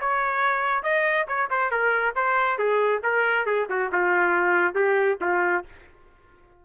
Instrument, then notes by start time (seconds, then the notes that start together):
trumpet
0.00 C#5
0.83 D#5
1.27 C#5
1.50 C5
1.71 A#4
2.15 C5
2.58 G#4
3.03 A#4
3.45 G#4
3.69 F#4
3.92 F4
4.75 G4
5.21 F4